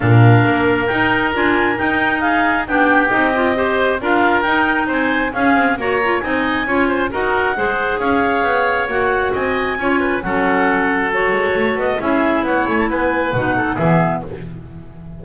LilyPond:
<<
  \new Staff \with { instrumentName = "clarinet" } { \time 4/4 \tempo 4 = 135 f''2 g''4 gis''4 | g''4 f''4 g''4 dis''4~ | dis''4 f''4 g''4 gis''4 | f''4 ais''4 gis''2 |
fis''2 f''2 | fis''4 gis''2 fis''4~ | fis''4 cis''4. dis''8 e''4 | fis''8 gis''16 a''16 gis''4 fis''4 e''4 | }
  \new Staff \with { instrumentName = "oboe" } { \time 4/4 ais'1~ | ais'4 gis'4 g'2 | c''4 ais'2 c''4 | gis'4 cis''4 dis''4 cis''8 c''8 |
ais'4 c''4 cis''2~ | cis''4 dis''4 cis''8 b'8 a'4~ | a'2. gis'4 | cis''4 b'4. a'8 gis'4 | }
  \new Staff \with { instrumentName = "clarinet" } { \time 4/4 d'2 dis'4 f'4 | dis'2 d'4 dis'8 f'8 | g'4 f'4 dis'2 | cis'4 fis'8 f'8 dis'4 f'4 |
fis'4 gis'2. | fis'2 f'4 cis'4~ | cis'4 fis'2 e'4~ | e'2 dis'4 b4 | }
  \new Staff \with { instrumentName = "double bass" } { \time 4/4 ais,4 ais4 dis'4 d'4 | dis'2 b4 c'4~ | c'4 d'4 dis'4 c'4 | cis'8 c'8 ais4 c'4 cis'4 |
dis'4 gis4 cis'4 b4 | ais4 c'4 cis'4 fis4~ | fis4. gis8 a8 b8 cis'4 | b8 a8 b4 b,4 e4 | }
>>